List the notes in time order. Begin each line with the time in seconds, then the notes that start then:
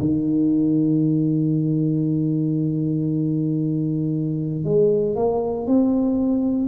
0.00 D#3
4.65 G#3
5.16 A#3
5.67 C4